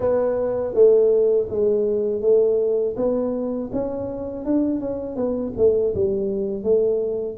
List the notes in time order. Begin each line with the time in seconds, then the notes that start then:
0.00 B3
0.73 A3
1.48 G#3
2.21 A3
2.96 B3
3.72 C#4
4.45 D4
4.80 C#4
5.15 B3
5.57 A3
5.94 G3
6.63 A3